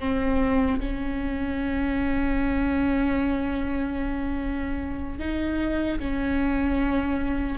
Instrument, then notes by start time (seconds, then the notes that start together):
viola
0.00 C4
0.80 C#4
5.19 D#4
6.00 C#4